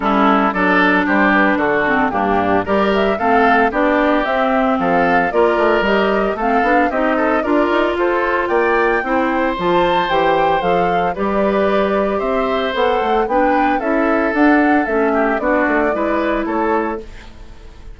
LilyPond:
<<
  \new Staff \with { instrumentName = "flute" } { \time 4/4 \tempo 4 = 113 a'4 d''4 c''8 b'8 a'4 | g'4 d''8 e''8 f''4 d''4 | e''4 f''4 d''4 dis''4 | f''4 dis''4 d''4 c''4 |
g''2 a''4 g''4 | f''4 d''2 e''4 | fis''4 g''4 e''4 fis''4 | e''4 d''2 cis''4 | }
  \new Staff \with { instrumentName = "oboe" } { \time 4/4 e'4 a'4 g'4 fis'4 | d'4 ais'4 a'4 g'4~ | g'4 a'4 ais'2 | a'4 g'8 a'8 ais'4 a'4 |
d''4 c''2.~ | c''4 b'2 c''4~ | c''4 b'4 a'2~ | a'8 g'8 fis'4 b'4 a'4 | }
  \new Staff \with { instrumentName = "clarinet" } { \time 4/4 cis'4 d'2~ d'8 c'8 | ais4 g'4 c'4 d'4 | c'2 f'4 g'4 | c'8 d'8 dis'4 f'2~ |
f'4 e'4 f'4 g'4 | a'4 g'2. | a'4 d'4 e'4 d'4 | cis'4 d'4 e'2 | }
  \new Staff \with { instrumentName = "bassoon" } { \time 4/4 g4 fis4 g4 d4 | g,4 g4 a4 b4 | c'4 f4 ais8 a8 g4 | a8 b8 c'4 d'8 dis'8 f'4 |
ais4 c'4 f4 e4 | f4 g2 c'4 | b8 a8 b4 cis'4 d'4 | a4 b8 a8 gis4 a4 | }
>>